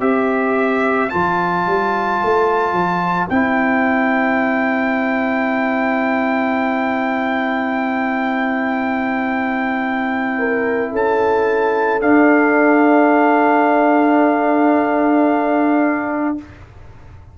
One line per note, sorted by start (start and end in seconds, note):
0.00 1.09 C4
0.00 1.09 G4
0.00 10.37 C5
0.00 1.09 E5
1.09 1.66 F3
1.09 3.28 F4
1.09 3.27 A5
1.66 2.20 G3
2.23 2.72 A3
2.72 3.27 F3
3.29 10.92 C4
3.29 12.01 E4
3.29 10.93 G5
10.38 10.91 A#4
10.91 12.01 C#4
10.91 16.37 A4
10.91 12.00 A5
12.00 16.37 D4
12.00 16.37 F5